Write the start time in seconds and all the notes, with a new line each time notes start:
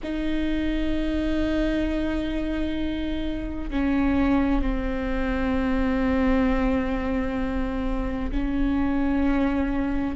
0.03 D#4
3.70 C#4
4.62 C4
8.31 C#4